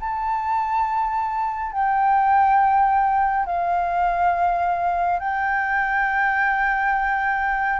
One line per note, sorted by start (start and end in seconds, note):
0.00 1.73 A5
1.73 3.46 G5
3.46 5.20 F5
5.20 7.80 G5